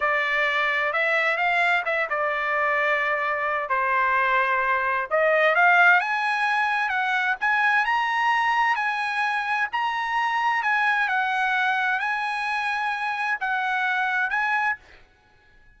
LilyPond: \new Staff \with { instrumentName = "trumpet" } { \time 4/4 \tempo 4 = 130 d''2 e''4 f''4 | e''8 d''2.~ d''8 | c''2. dis''4 | f''4 gis''2 fis''4 |
gis''4 ais''2 gis''4~ | gis''4 ais''2 gis''4 | fis''2 gis''2~ | gis''4 fis''2 gis''4 | }